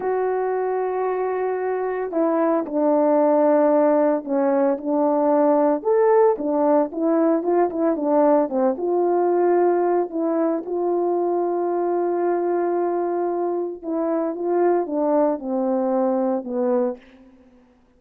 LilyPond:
\new Staff \with { instrumentName = "horn" } { \time 4/4 \tempo 4 = 113 fis'1 | e'4 d'2. | cis'4 d'2 a'4 | d'4 e'4 f'8 e'8 d'4 |
c'8 f'2~ f'8 e'4 | f'1~ | f'2 e'4 f'4 | d'4 c'2 b4 | }